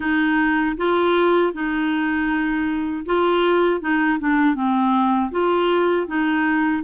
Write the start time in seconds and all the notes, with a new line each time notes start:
0.00 D#4
0.77 F4
1.53 D#4
3.06 F4
3.80 D#4
4.19 D4
4.54 C4
5.31 F4
6.07 D#4